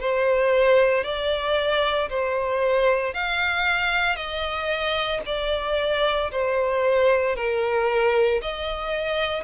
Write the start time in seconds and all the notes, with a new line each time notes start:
0.00 C5
1.04 D5
2.09 C5
3.13 F5
4.16 D#5
5.25 D5
6.31 C5
7.35 A#4
8.42 D#5